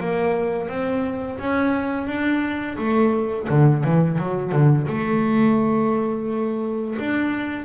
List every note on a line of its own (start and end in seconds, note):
0.00 0.69 A#3
0.69 1.39 C4
1.39 2.07 C#4
2.07 2.77 D4
2.78 3.48 A3
3.49 3.84 D3
3.84 4.18 E3
4.18 4.52 F#3
4.52 4.87 D3
4.88 6.97 A3
6.99 7.65 D4